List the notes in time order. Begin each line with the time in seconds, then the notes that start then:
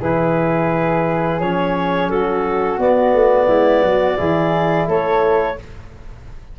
0.00 E3 E4 G#4 B4
1.39 F3 C#4 C#5
2.08 F#3 F#4 A4
2.78 B3 D5
3.12 A3
3.47 G#3 E4
3.82 F#3 F#4
4.16 E3 E4 G#4
4.87 A3 A4 C#5